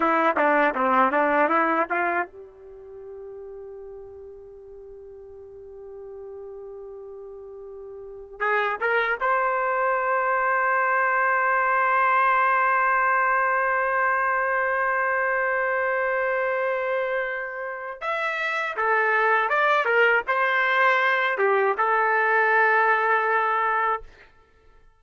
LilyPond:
\new Staff \with { instrumentName = "trumpet" } { \time 4/4 \tempo 4 = 80 e'8 d'8 c'8 d'8 e'8 f'8 g'4~ | g'1~ | g'2.~ g'16 gis'8 ais'16~ | ais'16 c''2.~ c''8.~ |
c''1~ | c''1 | e''4 a'4 d''8 ais'8 c''4~ | c''8 g'8 a'2. | }